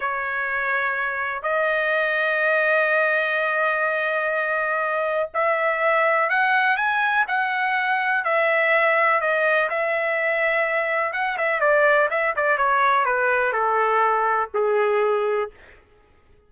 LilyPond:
\new Staff \with { instrumentName = "trumpet" } { \time 4/4 \tempo 4 = 124 cis''2. dis''4~ | dis''1~ | dis''2. e''4~ | e''4 fis''4 gis''4 fis''4~ |
fis''4 e''2 dis''4 | e''2. fis''8 e''8 | d''4 e''8 d''8 cis''4 b'4 | a'2 gis'2 | }